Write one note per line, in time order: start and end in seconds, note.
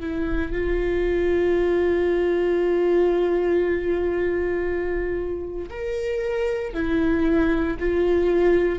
0.00 0.52 E4
0.52 5.69 F4
5.70 6.73 A#4
6.73 7.77 E4
7.79 8.79 F4